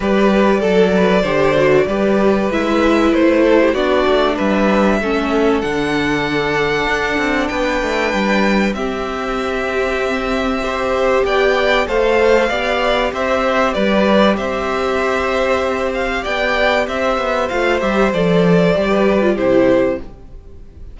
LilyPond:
<<
  \new Staff \with { instrumentName = "violin" } { \time 4/4 \tempo 4 = 96 d''1 | e''4 c''4 d''4 e''4~ | e''4 fis''2. | g''2 e''2~ |
e''2 g''4 f''4~ | f''4 e''4 d''4 e''4~ | e''4. f''8 g''4 e''4 | f''8 e''8 d''2 c''4 | }
  \new Staff \with { instrumentName = "violin" } { \time 4/4 b'4 a'8 b'8 c''4 b'4~ | b'4. a'16 g'16 fis'4 b'4 | a'1 | b'2 g'2~ |
g'4 c''4 d''4 c''4 | d''4 c''4 b'4 c''4~ | c''2 d''4 c''4~ | c''2~ c''16 b'8. g'4 | }
  \new Staff \with { instrumentName = "viola" } { \time 4/4 g'4 a'4 g'8 fis'8 g'4 | e'2 d'2 | cis'4 d'2.~ | d'2 c'2~ |
c'4 g'2 a'4 | g'1~ | g'1 | f'8 g'8 a'4 g'8. f'16 e'4 | }
  \new Staff \with { instrumentName = "cello" } { \time 4/4 g4 fis4 d4 g4 | gis4 a4 b8 a8 g4 | a4 d2 d'8 c'8 | b8 a8 g4 c'2~ |
c'2 b4 a4 | b4 c'4 g4 c'4~ | c'2 b4 c'8 b8 | a8 g8 f4 g4 c4 | }
>>